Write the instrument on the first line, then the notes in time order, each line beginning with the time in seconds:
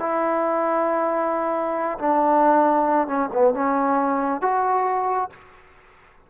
trombone
0.00 E4
1.99 D4
3.08 C#4
3.33 B3
3.54 C#4
4.42 F#4